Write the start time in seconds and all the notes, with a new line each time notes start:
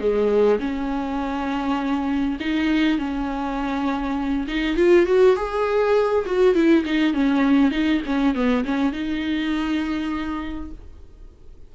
0.00 G#3
0.60 C#4
2.40 D#4
2.98 C#4
4.48 D#4
4.76 F4
5.06 F#4
5.36 G#4
6.26 F#4
6.55 E4
6.85 D#4
7.13 C#4
7.71 D#4
8.06 C#4
8.35 B3
8.65 C#4
8.93 D#4